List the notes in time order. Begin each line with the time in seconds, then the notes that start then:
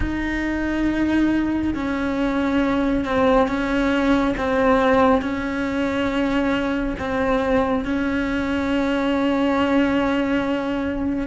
0.00 D#4
1.74 C#4
3.04 C4
3.47 C#4
4.37 C4
5.21 C#4
6.98 C4
7.84 C#4